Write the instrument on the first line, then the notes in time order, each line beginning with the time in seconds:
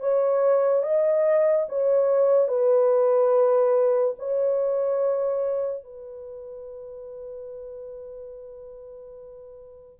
horn
0.00 C#5
0.83 D#5
1.69 C#5
2.48 B4
4.19 C#5
5.83 B4